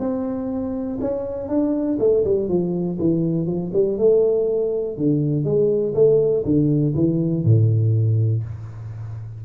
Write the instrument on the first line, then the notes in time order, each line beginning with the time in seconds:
tuba
0.00 C4
1.01 C#4
1.49 D4
2.00 A3
2.25 G3
2.49 F3
2.99 E3
3.47 F3
3.73 G3
3.98 A3
4.98 D3
5.45 G#3
5.95 A3
6.45 D3
6.95 E3
7.45 A2